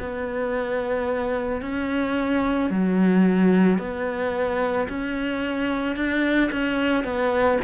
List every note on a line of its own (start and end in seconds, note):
0.00 1.62 B3
1.62 2.70 C#4
2.70 3.79 F#3
3.79 4.88 B3
4.89 5.96 C#4
5.96 6.51 D4
6.52 7.04 C#4
7.04 7.59 B3